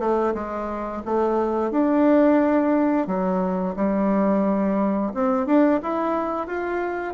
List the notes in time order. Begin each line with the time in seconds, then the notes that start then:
0.00 A3
0.35 G#3
1.06 A3
1.71 D4
3.07 F#3
3.76 G3
5.15 C4
5.46 D4
5.83 E4
6.47 F4